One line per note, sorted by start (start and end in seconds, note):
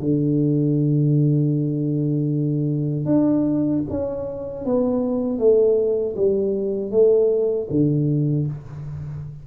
0.00 3.06 D3
3.06 3.83 D4
3.90 4.65 C#4
4.65 5.39 B3
5.39 6.16 A3
6.16 6.91 G3
6.91 7.68 A3
7.70 8.47 D3